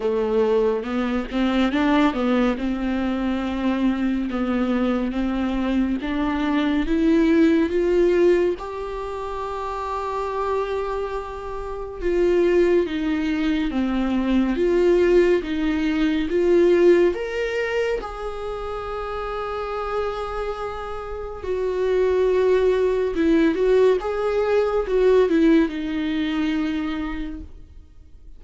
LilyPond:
\new Staff \with { instrumentName = "viola" } { \time 4/4 \tempo 4 = 70 a4 b8 c'8 d'8 b8 c'4~ | c'4 b4 c'4 d'4 | e'4 f'4 g'2~ | g'2 f'4 dis'4 |
c'4 f'4 dis'4 f'4 | ais'4 gis'2.~ | gis'4 fis'2 e'8 fis'8 | gis'4 fis'8 e'8 dis'2 | }